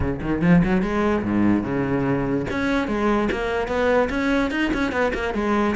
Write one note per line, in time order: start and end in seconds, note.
0.00 0.20 C#3
0.21 0.41 D#3
0.41 0.62 F3
0.64 0.81 F#3
0.81 1.23 G#3
1.23 1.63 G#2
1.63 2.46 C#3
2.50 2.87 C#4
2.87 3.28 G#3
3.31 3.67 A#3
3.67 4.08 B3
4.09 4.50 C#4
4.50 4.71 D#4
4.73 4.91 C#4
4.91 5.12 B3
5.14 5.33 A#3
5.33 5.75 G#3